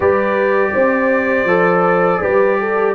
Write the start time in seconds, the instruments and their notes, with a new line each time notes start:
0.00 tuba G3, trombone G4, horn B4, trumpet D5
0.73 tuba C4, horn C5
1.44 tuba F3, trombone A4
2.21 tuba G3, trombone G4, horn B4
2.59 horn A4